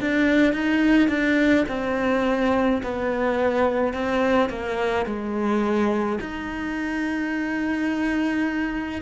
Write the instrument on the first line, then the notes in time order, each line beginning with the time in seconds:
cello
0.00 D4
0.52 D#4
1.08 D4
1.68 C4
2.83 B3
3.93 C4
4.49 A#3
5.05 G#3
6.21 D#4